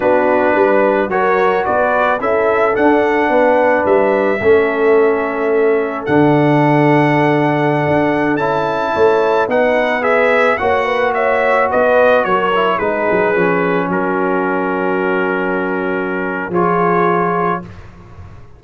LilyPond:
<<
  \new Staff \with { instrumentName = "trumpet" } { \time 4/4 \tempo 4 = 109 b'2 cis''4 d''4 | e''4 fis''2 e''4~ | e''2. fis''4~ | fis''2.~ fis''16 a''8.~ |
a''4~ a''16 fis''4 e''4 fis''8.~ | fis''16 e''4 dis''4 cis''4 b'8.~ | b'4~ b'16 ais'2~ ais'8.~ | ais'2 cis''2 | }
  \new Staff \with { instrumentName = "horn" } { \time 4/4 fis'4 b'4 ais'4 b'4 | a'2 b'2 | a'1~ | a'1~ |
a'16 cis''4 b'2 cis''8 b'16~ | b'16 cis''4 b'4 ais'4 gis'8.~ | gis'4~ gis'16 fis'2~ fis'8.~ | fis'2 gis'2 | }
  \new Staff \with { instrumentName = "trombone" } { \time 4/4 d'2 fis'2 | e'4 d'2. | cis'2. d'4~ | d'2.~ d'16 e'8.~ |
e'4~ e'16 dis'4 gis'4 fis'8.~ | fis'2~ fis'8. e'8 dis'8.~ | dis'16 cis'2.~ cis'8.~ | cis'2 f'2 | }
  \new Staff \with { instrumentName = "tuba" } { \time 4/4 b4 g4 fis4 b4 | cis'4 d'4 b4 g4 | a2. d4~ | d2~ d16 d'4 cis'8.~ |
cis'16 a4 b2 ais8.~ | ais4~ ais16 b4 fis4 gis8 fis16~ | fis16 f4 fis2~ fis8.~ | fis2 f2 | }
>>